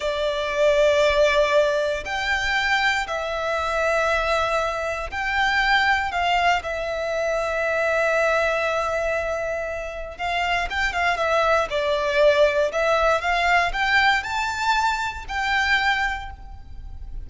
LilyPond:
\new Staff \with { instrumentName = "violin" } { \time 4/4 \tempo 4 = 118 d''1 | g''2 e''2~ | e''2 g''2 | f''4 e''2.~ |
e''1 | f''4 g''8 f''8 e''4 d''4~ | d''4 e''4 f''4 g''4 | a''2 g''2 | }